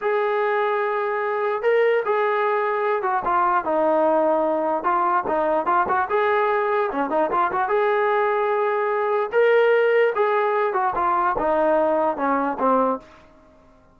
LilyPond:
\new Staff \with { instrumentName = "trombone" } { \time 4/4 \tempo 4 = 148 gis'1 | ais'4 gis'2~ gis'8 fis'8 | f'4 dis'2. | f'4 dis'4 f'8 fis'8 gis'4~ |
gis'4 cis'8 dis'8 f'8 fis'8 gis'4~ | gis'2. ais'4~ | ais'4 gis'4. fis'8 f'4 | dis'2 cis'4 c'4 | }